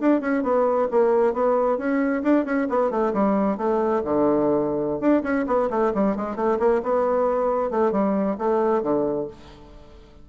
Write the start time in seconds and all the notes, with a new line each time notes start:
0.00 D4
0.20 C#4
0.43 B3
0.91 A#3
1.33 B3
1.78 C#4
2.23 D4
2.45 C#4
2.69 B3
2.90 A3
3.13 G3
3.57 A3
4.04 D3
5.00 D4
5.23 C#4
5.47 B3
5.70 A3
5.94 G3
6.16 G#3
6.36 A3
6.59 A#3
6.83 B3
7.71 A3
7.92 G3
8.38 A3
8.82 D3